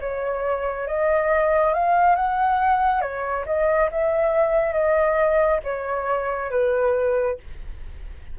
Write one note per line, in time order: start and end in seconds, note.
0.00 0.87 C#5
0.87 1.74 D#5
1.74 2.15 F5
2.15 3.01 F#5
3.01 3.45 C#5
3.46 3.89 D#5
3.91 4.73 E5
4.73 5.60 D#5
5.63 6.50 C#5
6.50 7.37 B4